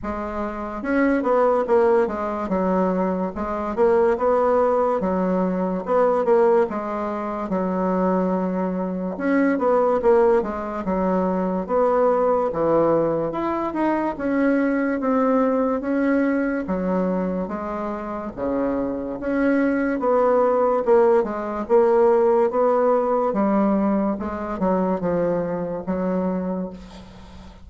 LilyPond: \new Staff \with { instrumentName = "bassoon" } { \time 4/4 \tempo 4 = 72 gis4 cis'8 b8 ais8 gis8 fis4 | gis8 ais8 b4 fis4 b8 ais8 | gis4 fis2 cis'8 b8 | ais8 gis8 fis4 b4 e4 |
e'8 dis'8 cis'4 c'4 cis'4 | fis4 gis4 cis4 cis'4 | b4 ais8 gis8 ais4 b4 | g4 gis8 fis8 f4 fis4 | }